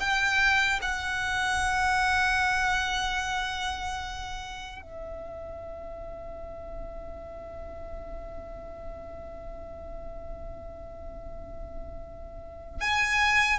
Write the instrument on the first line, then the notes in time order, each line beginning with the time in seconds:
violin
0.00 G5
0.82 F#5
4.82 E5
12.81 G#5